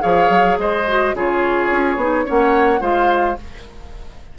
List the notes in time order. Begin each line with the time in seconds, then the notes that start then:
0.00 F3 G#4 C#5 F5
0.30 F#3
0.58 G#3 C5 D#5
0.88 F#4
1.14 C#3 F4 G#4 C#5
1.71 C#4
1.96 B3 D#4
2.25 A#3 C#4 C#5 F#5
2.80 G#3 F4 C5 F5